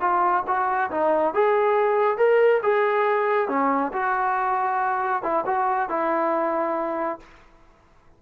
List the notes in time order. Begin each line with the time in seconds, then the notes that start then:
0.00 F4
0.47 F#4
0.91 D#4
1.34 G#4
2.18 A#4
2.63 G#4
3.48 C#4
3.93 F#4
5.23 E4
5.46 F#4
5.89 E4